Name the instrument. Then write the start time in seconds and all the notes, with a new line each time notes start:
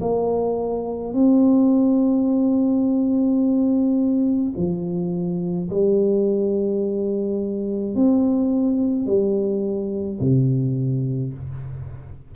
tuba
0.00 A#3
1.13 C4
4.56 F3
5.70 G3
7.95 C4
9.06 G3
10.20 C3